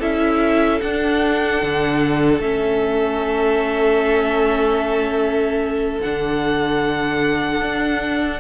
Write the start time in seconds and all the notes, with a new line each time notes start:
0.00 C#4 E4 A4 E5
0.81 D4 F#5
1.62 D3
2.40 A3 C#4 E5
6.02 D3 D4 F#5
7.61 D4